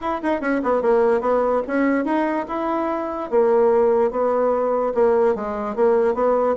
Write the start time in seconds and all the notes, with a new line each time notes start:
0.01 E4
0.22 D#4
0.40 C#4
0.63 B3
0.81 A#3
1.20 B3
1.67 C#4
2.05 D#4
2.48 E4
3.30 A#3
4.10 B3
4.94 A#3
5.35 G#3
5.75 A#3
6.14 B3